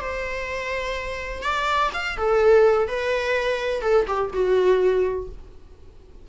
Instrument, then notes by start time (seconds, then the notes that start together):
viola
0.00 C5
1.42 D5
1.94 F5
2.17 A4
2.87 B4
3.82 A4
4.07 G4
4.33 F#4